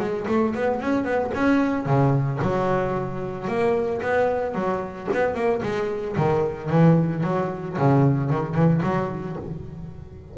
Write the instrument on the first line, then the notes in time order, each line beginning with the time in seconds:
double bass
0.00 G#3
0.28 A3
0.55 B3
0.81 C#4
1.05 B3
1.35 C#4
1.86 C#3
2.42 F#3
3.48 A#3
4.02 B3
4.55 F#3
5.14 B3
5.35 A#3
5.63 G#3
6.17 D#3
6.70 E3
7.24 F#3
7.78 C#3
8.31 D#3
8.55 E3
8.83 F#3